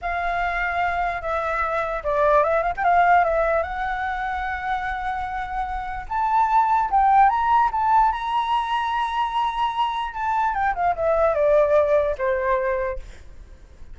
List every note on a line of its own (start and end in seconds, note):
0.01 1.21 F5
1.21 2.03 E5
2.03 2.43 D5
2.43 2.62 E5
2.62 2.73 F5
2.77 2.83 G5
2.83 3.24 F5
3.24 3.62 E5
3.62 6.06 F#5
6.08 6.90 A5
6.90 7.29 G5
7.29 7.69 A#5
7.71 8.12 A5
8.12 10.14 A#5
10.14 10.54 A5
10.54 10.74 G5
10.74 10.95 F5
10.95 11.34 E5
11.34 12.15 D5
12.18 12.99 C5